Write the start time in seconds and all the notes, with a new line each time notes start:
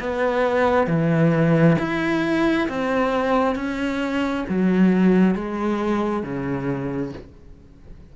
0.00 B3
0.87 E3
1.79 E4
2.69 C4
3.56 C#4
4.49 F#3
5.35 G#3
6.23 C#3